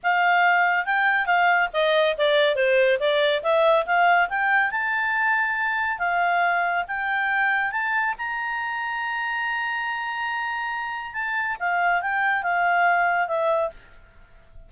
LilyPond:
\new Staff \with { instrumentName = "clarinet" } { \time 4/4 \tempo 4 = 140 f''2 g''4 f''4 | dis''4 d''4 c''4 d''4 | e''4 f''4 g''4 a''4~ | a''2 f''2 |
g''2 a''4 ais''4~ | ais''1~ | ais''2 a''4 f''4 | g''4 f''2 e''4 | }